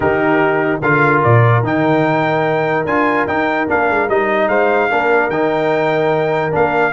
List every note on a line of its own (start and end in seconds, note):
0.00 0.79 D#3
0.00 0.82 D#4
0.00 0.81 G4
0.00 0.80 A#4
0.81 1.22 D3
0.81 1.64 F4
0.81 4.48 A#4
0.81 1.22 F5
1.23 1.62 A#2
1.23 1.64 D5
1.62 2.84 D#3
1.62 2.86 D#4
1.62 2.86 G5
2.85 3.26 D4
2.85 3.28 F4
2.85 3.27 G#5
3.26 3.67 D#4
3.26 3.68 D#4
3.26 3.68 G5
3.68 3.90 A#3
3.68 4.08 D4
3.68 4.09 F5
3.90 4.08 G#3
4.08 4.48 G3
4.08 4.90 D#4
4.08 4.48 D#5
4.48 4.89 G#3
4.48 4.89 C5
4.48 5.30 F5
4.90 5.28 A#3
4.90 5.31 D4
4.90 6.92 A#4
5.28 6.51 D#3
5.28 6.51 D#4
5.28 6.52 G5
6.51 6.92 A#3
6.51 6.91 D4
6.51 6.92 F5